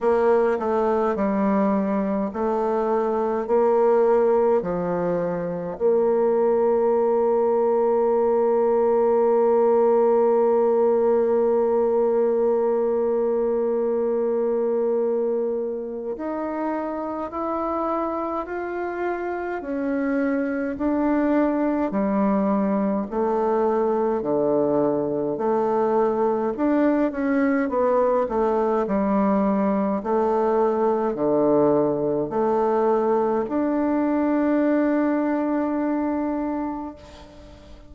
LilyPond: \new Staff \with { instrumentName = "bassoon" } { \time 4/4 \tempo 4 = 52 ais8 a8 g4 a4 ais4 | f4 ais2.~ | ais1~ | ais2 dis'4 e'4 |
f'4 cis'4 d'4 g4 | a4 d4 a4 d'8 cis'8 | b8 a8 g4 a4 d4 | a4 d'2. | }